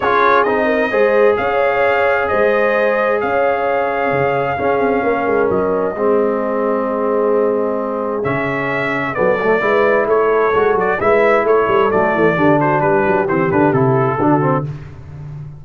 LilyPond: <<
  \new Staff \with { instrumentName = "trumpet" } { \time 4/4 \tempo 4 = 131 cis''4 dis''2 f''4~ | f''4 dis''2 f''4~ | f''1 | dis''1~ |
dis''2 e''2 | d''2 cis''4. d''8 | e''4 cis''4 d''4. c''8 | b'4 c''8 b'8 a'2 | }
  \new Staff \with { instrumentName = "horn" } { \time 4/4 gis'4. ais'8 c''4 cis''4~ | cis''4 c''2 cis''4~ | cis''2 gis'4 ais'4~ | ais'4 gis'2.~ |
gis'1 | a'4 b'4 a'2 | b'4 a'2 g'8 fis'8 | g'2. fis'4 | }
  \new Staff \with { instrumentName = "trombone" } { \time 4/4 f'4 dis'4 gis'2~ | gis'1~ | gis'2 cis'2~ | cis'4 c'2.~ |
c'2 cis'2 | b8 a8 e'2 fis'4 | e'2 a4 d'4~ | d'4 c'8 d'8 e'4 d'8 c'8 | }
  \new Staff \with { instrumentName = "tuba" } { \time 4/4 cis'4 c'4 gis4 cis'4~ | cis'4 gis2 cis'4~ | cis'4 cis4 cis'8 c'8 ais8 gis8 | fis4 gis2.~ |
gis2 cis2 | fis4 gis4 a4 gis8 fis8 | gis4 a8 g8 fis8 e8 d4 | g8 fis8 e8 d8 c4 d4 | }
>>